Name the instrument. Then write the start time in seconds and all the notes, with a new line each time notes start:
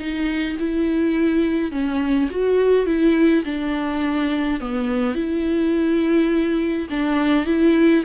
viola
0.00 D#4
0.60 E4
1.72 C#4
2.31 F#4
2.87 E4
3.45 D4
4.61 B3
5.15 E4
6.90 D4
7.47 E4